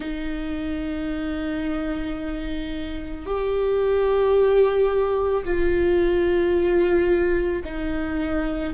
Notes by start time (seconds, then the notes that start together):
0.00 D#4
3.25 G4
5.44 F4
7.64 D#4